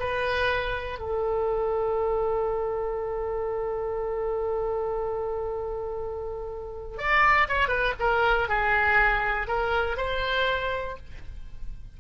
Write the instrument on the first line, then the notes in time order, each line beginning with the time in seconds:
oboe
0.00 B4
0.99 A4
6.98 D5
7.48 C#5
7.68 B4
8.00 A#4
8.49 G#4
9.47 A#4
9.97 C5